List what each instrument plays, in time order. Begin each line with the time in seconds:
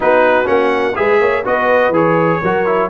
0.00 tuba B3, trombone D#4, horn F#4, trumpet B4
0.45 tuba A#3, trombone C#4, trumpet F#5
0.95 tuba G#3, trombone G#4, horn B4, trumpet E5
1.20 tuba A#3, horn C#5
1.44 tuba B3, trombone F#4, horn B4, trumpet D#5
1.89 tuba E3, trombone G#4, trumpet C#5
2.41 tuba F#3, trombone F#4, horn A#4
2.66 trombone E4